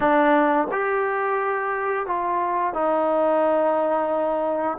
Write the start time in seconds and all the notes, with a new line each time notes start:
0.00 D4
0.71 G4
2.06 F4
2.73 D#4